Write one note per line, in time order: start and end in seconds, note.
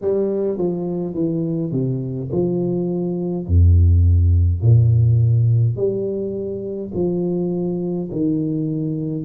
0.01 0.57 G3
0.57 1.14 F3
1.14 1.72 E3
1.72 2.29 C3
2.31 3.46 F3
3.46 4.62 F2
4.62 5.76 A#2
5.76 6.91 G3
6.94 8.09 F3
8.11 9.24 D#3